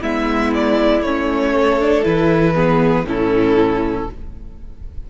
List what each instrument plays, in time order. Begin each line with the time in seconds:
0.00 cello G#3, viola B3, violin E4 E5
0.54 violin D5
1.01 cello A3, viola C#4, violin C#5
1.54 violin A4
1.80 viola D4
2.03 cello E3, viola E4, violin B4
2.54 viola B3, violin G#4
3.04 cello A2, viola C#4, violin E4 A4